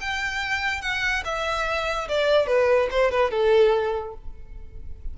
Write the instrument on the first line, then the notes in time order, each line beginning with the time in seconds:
violin
0.00 G5
0.81 F#5
1.24 E5
2.08 D5
2.47 B4
2.91 C5
3.11 B4
3.30 A4